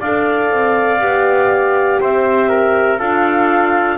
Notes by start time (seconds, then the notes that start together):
0.00 D4 A4 D5 F5
0.50 C4
1.00 B3 G4
2.01 C4 C5 E5
2.49 A#4
2.98 D4 F4 A4 F5